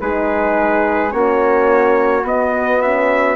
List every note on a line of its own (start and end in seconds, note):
0.00 1.12 G#3
0.00 1.09 D#4
0.00 1.12 G#4
0.00 1.11 B4
1.09 2.23 A#3
1.09 2.23 C#4
1.09 3.35 F#4
1.09 2.24 C#5
2.23 3.35 B3
2.23 2.81 B3
2.23 2.81 D#5
2.81 3.35 C#4
2.81 3.35 E5